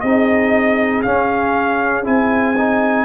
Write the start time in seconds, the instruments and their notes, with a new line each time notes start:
0.00 tuba C4, trombone D#4, horn G#4, trumpet D#5
1.03 trombone C#4, tuba C#4, trumpet F5
2.04 tuba C4, trombone E4, trumpet G#5
2.57 trombone D#4